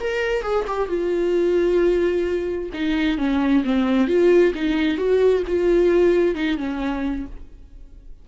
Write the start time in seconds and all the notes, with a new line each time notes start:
0.00 A#4
0.42 G#4
0.67 G4
0.88 F4
2.73 D#4
3.18 C#4
3.64 C4
4.07 F4
4.54 D#4
4.97 F#4
5.47 F4
6.35 D#4
6.57 C#4